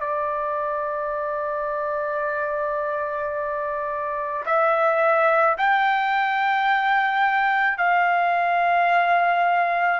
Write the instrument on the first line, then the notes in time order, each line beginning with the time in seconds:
trumpet
0.00 D5
4.45 E5
5.58 G5
7.78 F5